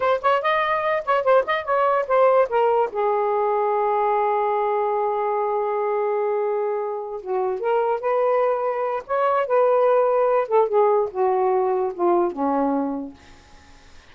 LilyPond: \new Staff \with { instrumentName = "saxophone" } { \time 4/4 \tempo 4 = 146 c''8 cis''8 dis''4. cis''8 c''8 dis''8 | cis''4 c''4 ais'4 gis'4~ | gis'1~ | gis'1~ |
gis'4. fis'4 ais'4 b'8~ | b'2 cis''4 b'4~ | b'4. a'8 gis'4 fis'4~ | fis'4 f'4 cis'2 | }